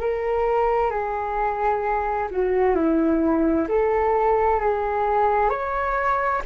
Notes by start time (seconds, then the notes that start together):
0.00 A#4
0.91 G#4
2.31 F#4
2.76 E4
3.69 A4
4.60 G#4
5.50 C#5